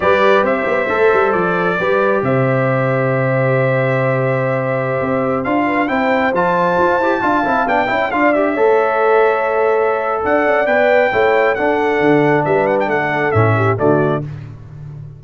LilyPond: <<
  \new Staff \with { instrumentName = "trumpet" } { \time 4/4 \tempo 4 = 135 d''4 e''2 d''4~ | d''4 e''2.~ | e''1~ | e''16 f''4 g''4 a''4.~ a''16~ |
a''4~ a''16 g''4 f''8 e''4~ e''16~ | e''2. fis''4 | g''2 fis''2 | e''8 fis''16 g''16 fis''4 e''4 d''4 | }
  \new Staff \with { instrumentName = "horn" } { \time 4/4 b'4 c''2. | b'4 c''2.~ | c''1~ | c''8. b'8 c''2~ c''8.~ |
c''16 f''4. e''8 d''4 cis''8.~ | cis''2. d''4~ | d''4 cis''4 a'2 | b'4 a'4. g'8 fis'4 | }
  \new Staff \with { instrumentName = "trombone" } { \time 4/4 g'2 a'2 | g'1~ | g'1~ | g'16 f'4 e'4 f'4. g'16~ |
g'16 f'8 e'8 d'8 e'8 f'8 g'8 a'8.~ | a'1 | b'4 e'4 d'2~ | d'2 cis'4 a4 | }
  \new Staff \with { instrumentName = "tuba" } { \time 4/4 g4 c'8 b8 a8 g8 f4 | g4 c2.~ | c2.~ c16 c'8.~ | c'16 d'4 c'4 f4 f'8 e'16~ |
e'16 d'8 c'8 b8 cis'8 d'4 a8.~ | a2. d'8 cis'8 | b4 a4 d'4 d4 | g4 a4 a,4 d4 | }
>>